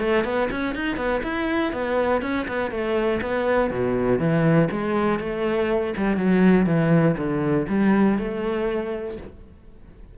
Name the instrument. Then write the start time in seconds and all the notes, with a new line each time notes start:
cello
0.00 A3
0.25 B3
0.51 C#4
0.75 D#4
0.97 B3
1.23 E4
1.73 B3
2.22 C#4
2.48 B3
2.71 A3
3.22 B3
3.71 B2
4.19 E3
4.71 G#3
5.20 A3
5.97 G3
6.17 F#3
6.67 E3
7.17 D3
7.69 G3
8.18 A3